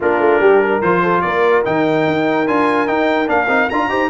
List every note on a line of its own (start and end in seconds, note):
0.00 0.19 A#3
0.00 0.82 D4
0.00 0.40 F4
0.00 0.81 A#4
0.19 0.39 A3
0.39 0.81 G3
0.39 0.60 G4
0.60 1.01 A#4
0.81 1.23 F3
0.81 1.64 F4
0.81 1.21 C5
1.02 1.23 A4
1.21 1.65 A#3
1.21 3.89 A#4
1.21 1.62 D5
1.64 2.07 D#3
1.64 2.46 D#4
1.64 2.47 G5
2.07 2.47 D#4
2.47 2.88 D4
2.47 2.87 F4
2.47 2.87 G#5
2.87 3.26 D#4
2.87 3.28 D#4
2.87 3.28 G5
3.26 3.48 A#3
3.26 3.46 D4
3.26 3.69 F5
3.48 3.68 C4
3.48 3.68 D#4
3.69 3.89 D4
3.69 3.89 F4
3.69 4.09 A#5
3.89 4.09 D#4
3.89 4.09 G4
3.89 4.09 C5